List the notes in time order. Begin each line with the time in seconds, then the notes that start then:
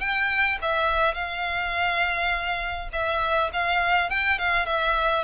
0.00 G5
0.62 E5
1.14 F5
2.93 E5
3.53 F5
4.10 G5
4.39 F5
4.66 E5